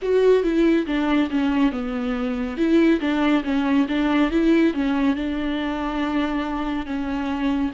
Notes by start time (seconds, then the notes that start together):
0.02 F#4
0.43 E4
0.86 D4
1.30 C#4
1.71 B3
2.57 E4
3.00 D4
3.44 C#4
3.88 D4
4.31 E4
4.73 C#4
5.15 D4
6.86 C#4